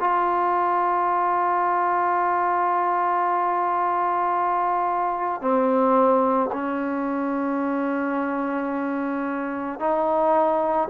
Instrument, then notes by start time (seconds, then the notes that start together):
trombone
0.00 F4
5.41 C4
6.53 C#4
9.80 D#4